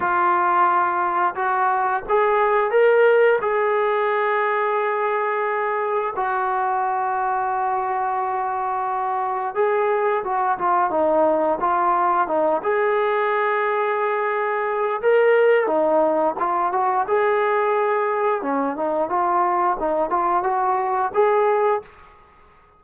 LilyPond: \new Staff \with { instrumentName = "trombone" } { \time 4/4 \tempo 4 = 88 f'2 fis'4 gis'4 | ais'4 gis'2.~ | gis'4 fis'2.~ | fis'2 gis'4 fis'8 f'8 |
dis'4 f'4 dis'8 gis'4.~ | gis'2 ais'4 dis'4 | f'8 fis'8 gis'2 cis'8 dis'8 | f'4 dis'8 f'8 fis'4 gis'4 | }